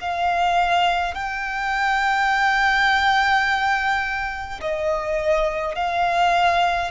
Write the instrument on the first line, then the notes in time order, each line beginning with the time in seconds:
violin
0.00 F5
1.14 G5
4.60 D#5
5.75 F5